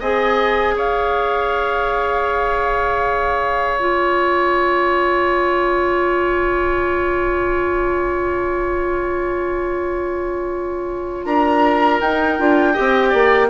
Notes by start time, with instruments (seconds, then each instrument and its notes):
0.00 bassoon C4, clarinet G#4, oboe D#5, flute G#5
0.75 bassoon C#4, oboe C#5, flute F5
3.78 clarinet F4, flute G#5
11.25 bassoon D4, oboe A#4, flute A#5
12.01 bassoon D#4, clarinet D#4, flute G5
12.39 bassoon D4, clarinet F4
12.74 clarinet G4, oboe D#5
12.80 bassoon C4
13.10 bassoon A#3, oboe D5